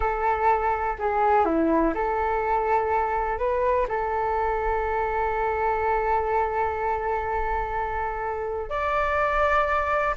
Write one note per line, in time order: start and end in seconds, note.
0.00 0.96 A4
0.98 1.45 G#4
1.45 1.93 E4
1.94 3.38 A4
3.38 3.86 B4
3.88 8.69 A4
8.69 10.15 D5